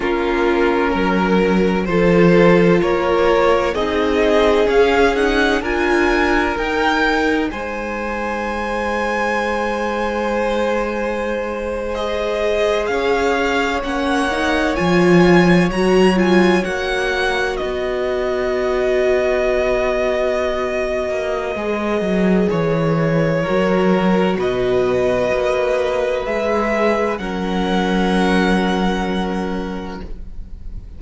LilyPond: <<
  \new Staff \with { instrumentName = "violin" } { \time 4/4 \tempo 4 = 64 ais'2 c''4 cis''4 | dis''4 f''8 fis''8 gis''4 g''4 | gis''1~ | gis''8. dis''4 f''4 fis''4 gis''16~ |
gis''8. ais''8 gis''8 fis''4 dis''4~ dis''16~ | dis''1 | cis''2 dis''2 | e''4 fis''2. | }
  \new Staff \with { instrumentName = "violin" } { \time 4/4 f'4 ais'4 a'4 ais'4 | gis'2 ais'2 | c''1~ | c''4.~ c''16 cis''2~ cis''16~ |
cis''2~ cis''8. b'4~ b'16~ | b'1~ | b'4 ais'4 b'2~ | b'4 ais'2. | }
  \new Staff \with { instrumentName = "viola" } { \time 4/4 cis'2 f'2 | dis'4 cis'8 dis'8 f'4 dis'4~ | dis'1~ | dis'8. gis'2 cis'8 dis'8 f'16~ |
f'8. fis'8 f'8 fis'2~ fis'16~ | fis'2. gis'4~ | gis'4 fis'2. | gis'4 cis'2. | }
  \new Staff \with { instrumentName = "cello" } { \time 4/4 ais4 fis4 f4 ais4 | c'4 cis'4 d'4 dis'4 | gis1~ | gis4.~ gis16 cis'4 ais4 f16~ |
f8. fis4 ais4 b4~ b16~ | b2~ b8 ais8 gis8 fis8 | e4 fis4 b,4 ais4 | gis4 fis2. | }
>>